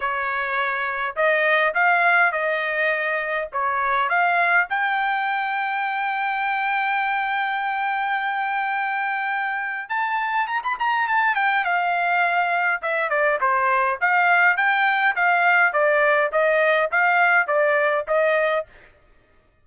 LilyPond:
\new Staff \with { instrumentName = "trumpet" } { \time 4/4 \tempo 4 = 103 cis''2 dis''4 f''4 | dis''2 cis''4 f''4 | g''1~ | g''1~ |
g''4 a''4 ais''16 b''16 ais''8 a''8 g''8 | f''2 e''8 d''8 c''4 | f''4 g''4 f''4 d''4 | dis''4 f''4 d''4 dis''4 | }